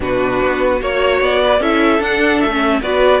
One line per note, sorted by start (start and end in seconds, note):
0.00 0.40 B2
0.00 0.78 D4
0.00 0.81 F#4
0.00 0.81 B4
0.42 0.81 B3
0.80 1.20 A#3
0.80 1.60 F#4
0.80 1.41 C#5
0.80 1.22 C#5
1.20 1.60 B3
1.20 1.62 D5
1.42 1.60 B4
1.60 1.99 C#4
1.60 2.01 E4
1.60 2.81 A4
1.60 2.02 E5
1.99 2.40 D4
1.99 2.50 D4
1.99 2.40 F#5
2.40 2.81 A3
2.40 2.80 E5
2.50 2.81 C#4
2.81 3.20 B3
2.81 3.20 F#4
2.81 3.20 B4
2.81 3.20 D5